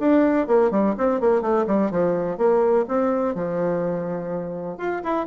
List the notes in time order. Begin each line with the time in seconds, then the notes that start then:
0.00 D4
0.48 A#3
0.71 G3
0.98 C4
1.21 A#3
1.42 A3
1.67 G3
1.91 F3
2.38 A#3
2.88 C4
3.35 F3
4.78 F4
5.04 E4